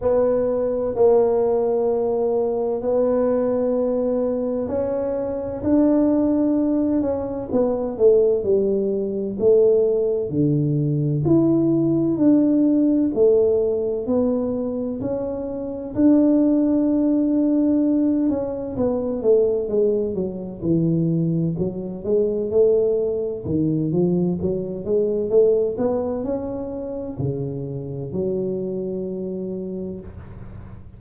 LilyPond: \new Staff \with { instrumentName = "tuba" } { \time 4/4 \tempo 4 = 64 b4 ais2 b4~ | b4 cis'4 d'4. cis'8 | b8 a8 g4 a4 d4 | e'4 d'4 a4 b4 |
cis'4 d'2~ d'8 cis'8 | b8 a8 gis8 fis8 e4 fis8 gis8 | a4 dis8 f8 fis8 gis8 a8 b8 | cis'4 cis4 fis2 | }